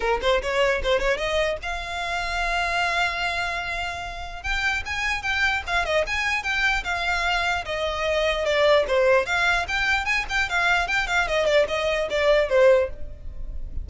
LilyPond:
\new Staff \with { instrumentName = "violin" } { \time 4/4 \tempo 4 = 149 ais'8 c''8 cis''4 c''8 cis''8 dis''4 | f''1~ | f''2. g''4 | gis''4 g''4 f''8 dis''8 gis''4 |
g''4 f''2 dis''4~ | dis''4 d''4 c''4 f''4 | g''4 gis''8 g''8 f''4 g''8 f''8 | dis''8 d''8 dis''4 d''4 c''4 | }